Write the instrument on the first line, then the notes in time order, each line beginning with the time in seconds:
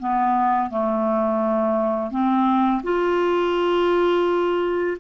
clarinet
0.00 B3
0.70 A3
2.11 C4
2.84 F4